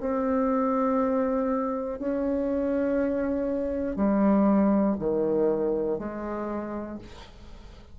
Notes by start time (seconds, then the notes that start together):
0.00 C4
1.98 C#4
3.95 G3
4.99 D#3
5.98 G#3